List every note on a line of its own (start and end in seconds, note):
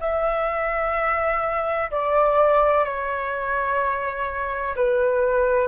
0.00 1.90 E5
1.91 2.84 D5
2.84 4.75 C#5
4.76 5.68 B4